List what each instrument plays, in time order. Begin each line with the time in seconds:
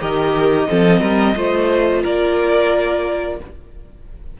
0.00 cello D#3, viola G4, violin A#4 D#5
0.68 cello F3, viola C4, violin A4
1.01 cello G3, violin A#4
1.35 cello A3, viola F4, violin C5
2.02 cello A#3, violin A#4 D5